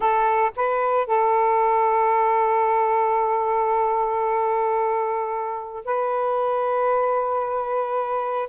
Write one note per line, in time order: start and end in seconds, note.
0.00 0.51 A4
0.56 1.06 B4
1.06 5.84 A4
5.85 8.49 B4